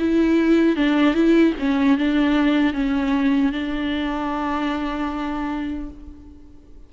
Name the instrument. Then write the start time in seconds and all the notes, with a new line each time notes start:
viola
0.00 E4
0.77 D4
1.14 E4
1.59 C#4
1.98 D4
2.74 C#4
3.53 D4